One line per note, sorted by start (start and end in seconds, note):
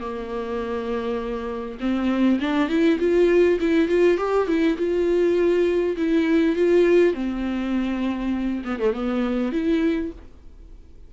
0.00 1.78 A#3
1.80 2.39 C4
2.40 2.68 D4
2.68 2.98 E4
2.99 3.59 F4
3.60 3.88 E4
3.88 4.17 F4
4.17 4.47 G4
4.47 4.77 E4
4.77 5.96 F4
5.97 6.55 E4
6.55 7.14 F4
7.14 8.62 C4
8.64 8.79 B3
8.79 8.93 A3
8.93 9.52 B3
9.52 10.11 E4